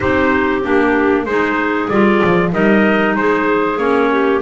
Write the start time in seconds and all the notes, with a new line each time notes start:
0.00 C4 D#4 G4 C5
0.63 A#3 D4 G4
1.25 G#3 D#4 G#4 C5
1.89 G3 F4 D5
2.24 F3
2.52 G3 D#4 A#4 D#5
3.15 G#3 G#4 C5
3.77 A#3 C#4 C#5
4.11 G4